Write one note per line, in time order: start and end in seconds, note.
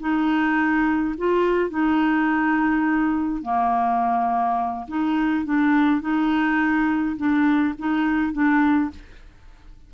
0.00 1.15 D#4
1.18 1.70 F4
1.70 3.43 D#4
3.43 4.87 A#3
4.88 5.45 D#4
5.45 6.01 D4
6.01 7.17 D#4
7.17 7.75 D4
7.79 8.33 D#4
8.33 8.91 D4